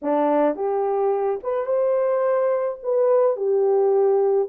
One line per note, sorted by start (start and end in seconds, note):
0.02 0.55 D4
0.55 1.39 G4
1.43 1.66 B4
1.66 2.78 C5
2.82 3.36 B4
3.36 4.48 G4